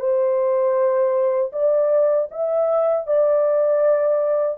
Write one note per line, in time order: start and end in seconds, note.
0.00 1.52 C5
1.53 2.29 D5
2.32 3.07 E5
3.07 4.59 D5